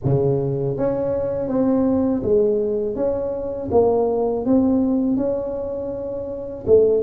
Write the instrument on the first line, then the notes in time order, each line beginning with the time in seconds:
tuba
0.04 C#3
0.77 C#4
1.48 C4
2.22 G#3
2.95 C#4
3.71 A#3
4.45 C4
5.16 C#4
6.66 A3